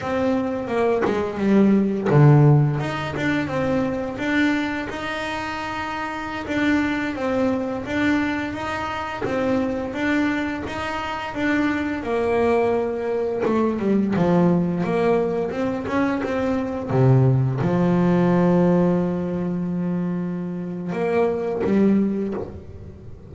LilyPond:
\new Staff \with { instrumentName = "double bass" } { \time 4/4 \tempo 4 = 86 c'4 ais8 gis8 g4 d4 | dis'8 d'8 c'4 d'4 dis'4~ | dis'4~ dis'16 d'4 c'4 d'8.~ | d'16 dis'4 c'4 d'4 dis'8.~ |
dis'16 d'4 ais2 a8 g16~ | g16 f4 ais4 c'8 cis'8 c'8.~ | c'16 c4 f2~ f8.~ | f2 ais4 g4 | }